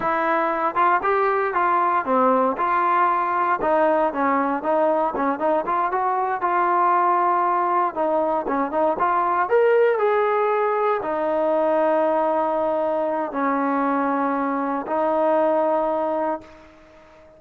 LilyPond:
\new Staff \with { instrumentName = "trombone" } { \time 4/4 \tempo 4 = 117 e'4. f'8 g'4 f'4 | c'4 f'2 dis'4 | cis'4 dis'4 cis'8 dis'8 f'8 fis'8~ | fis'8 f'2. dis'8~ |
dis'8 cis'8 dis'8 f'4 ais'4 gis'8~ | gis'4. dis'2~ dis'8~ | dis'2 cis'2~ | cis'4 dis'2. | }